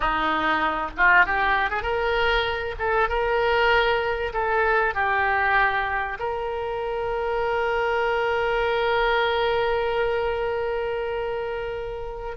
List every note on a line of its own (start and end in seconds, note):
0.00 0.91 D#4
0.97 1.25 F4
1.25 1.70 G4
1.70 1.82 G#4
1.82 2.75 A#4
2.78 3.08 A4
3.08 4.32 A#4
4.33 4.94 A4
4.94 6.18 G4
6.19 12.36 A#4